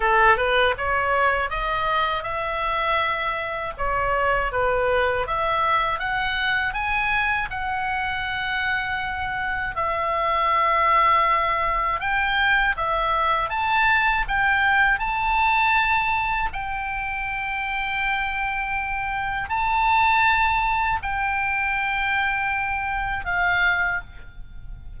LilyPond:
\new Staff \with { instrumentName = "oboe" } { \time 4/4 \tempo 4 = 80 a'8 b'8 cis''4 dis''4 e''4~ | e''4 cis''4 b'4 e''4 | fis''4 gis''4 fis''2~ | fis''4 e''2. |
g''4 e''4 a''4 g''4 | a''2 g''2~ | g''2 a''2 | g''2. f''4 | }